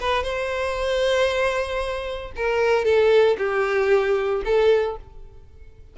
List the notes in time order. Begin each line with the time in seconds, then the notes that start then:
0.00 B4
0.23 C5
2.36 A#4
2.85 A4
3.38 G4
4.45 A4